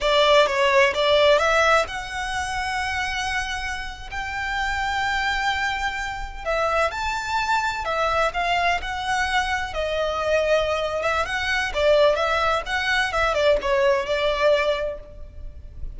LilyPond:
\new Staff \with { instrumentName = "violin" } { \time 4/4 \tempo 4 = 128 d''4 cis''4 d''4 e''4 | fis''1~ | fis''8. g''2.~ g''16~ | g''4.~ g''16 e''4 a''4~ a''16~ |
a''8. e''4 f''4 fis''4~ fis''16~ | fis''8. dis''2~ dis''8. e''8 | fis''4 d''4 e''4 fis''4 | e''8 d''8 cis''4 d''2 | }